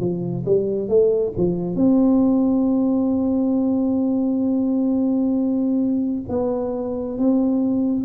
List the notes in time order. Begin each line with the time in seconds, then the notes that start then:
0.00 F3
0.46 G3
0.89 A3
1.37 F3
1.75 C4
6.29 B3
7.18 C4